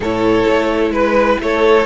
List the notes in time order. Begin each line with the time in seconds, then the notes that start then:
0.00 A2 E4 A4 C#5
0.48 A3
0.90 G#3 B4
1.40 A3 A4 C#5